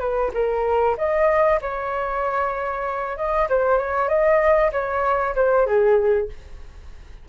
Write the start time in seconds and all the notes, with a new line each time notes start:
0.00 B4
0.34 A#4
0.98 D#5
1.62 C#5
3.17 D#5
3.49 C5
3.78 C#5
4.09 D#5
4.72 C#5
5.36 C5
5.66 G#4